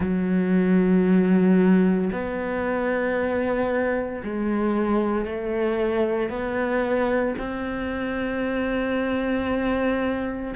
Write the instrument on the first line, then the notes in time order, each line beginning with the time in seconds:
cello
0.00 F#3
2.11 B3
4.23 G#3
5.25 A3
6.29 B3
7.38 C4